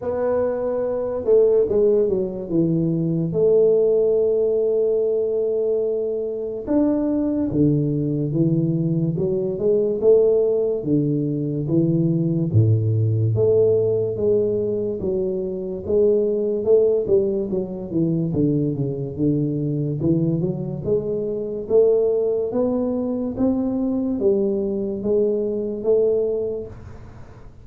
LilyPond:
\new Staff \with { instrumentName = "tuba" } { \time 4/4 \tempo 4 = 72 b4. a8 gis8 fis8 e4 | a1 | d'4 d4 e4 fis8 gis8 | a4 d4 e4 a,4 |
a4 gis4 fis4 gis4 | a8 g8 fis8 e8 d8 cis8 d4 | e8 fis8 gis4 a4 b4 | c'4 g4 gis4 a4 | }